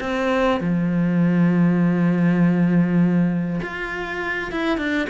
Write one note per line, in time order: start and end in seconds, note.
0.00 0.60 C4
0.60 3.60 F3
3.62 4.51 F4
4.51 4.77 E4
4.77 5.07 D4